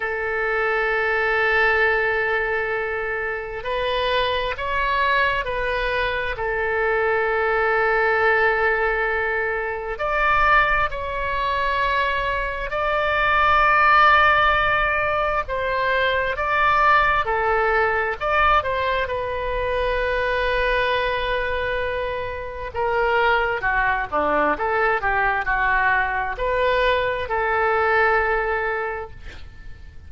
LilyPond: \new Staff \with { instrumentName = "oboe" } { \time 4/4 \tempo 4 = 66 a'1 | b'4 cis''4 b'4 a'4~ | a'2. d''4 | cis''2 d''2~ |
d''4 c''4 d''4 a'4 | d''8 c''8 b'2.~ | b'4 ais'4 fis'8 d'8 a'8 g'8 | fis'4 b'4 a'2 | }